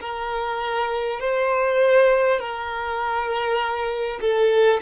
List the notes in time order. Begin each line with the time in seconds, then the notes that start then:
0.00 A#4
1.20 C5
2.39 A#4
4.21 A4